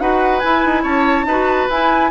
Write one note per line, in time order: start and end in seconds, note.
0.00 0.43 D#4
0.00 0.42 F#4
0.00 0.83 B4
0.00 0.40 F#5
0.40 1.27 E4
0.40 0.65 E4
0.40 0.82 G#5
0.65 0.84 D#4
0.83 1.25 C#4
0.83 1.26 C#5
0.83 1.70 A5
1.25 1.67 D#4
1.25 1.71 F#4
1.25 2.11 B4
1.70 2.11 E4
1.70 2.11 G#5